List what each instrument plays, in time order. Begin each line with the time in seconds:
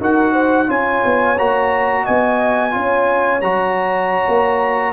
0.00 tuba D#4, trombone F#4, horn A#4, trumpet F#5
0.32 horn C5
0.68 tuba C#4, trombone F4, horn C#5, trumpet G#5
1.05 tuba B3
1.38 tuba A#3, trombone F#4, trumpet A#5
2.03 tuba B3, horn D#5, trumpet G#5
2.71 tuba C#4, trombone F4, horn C#5
3.41 tuba F#3, trombone F#4, trumpet A#5
4.27 tuba A#3